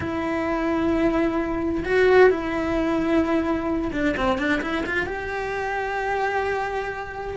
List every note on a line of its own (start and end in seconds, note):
0.00 1.84 E4
1.84 2.30 F#4
2.30 3.91 E4
3.92 4.15 D4
4.16 4.38 C4
4.38 4.61 D4
4.61 4.84 E4
4.86 5.06 F4
5.06 7.37 G4